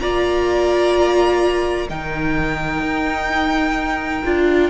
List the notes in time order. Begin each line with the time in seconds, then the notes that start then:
0.00 A#3 F4 D5 A#5
1.88 D#3 D#4 A#4 G5
2.82 D#4
4.25 D4 F4